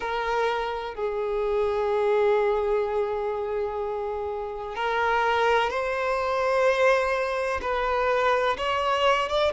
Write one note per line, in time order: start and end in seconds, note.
0.00 0.94 A#4
0.94 4.75 G#4
4.75 5.69 A#4
5.69 7.60 C5
7.61 8.57 B4
8.57 9.29 C#5
9.29 9.52 D5